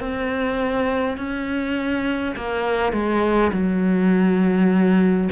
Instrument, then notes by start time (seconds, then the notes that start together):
cello
0.00 C4
1.18 C#4
2.37 A#3
2.93 G#3
3.53 F#3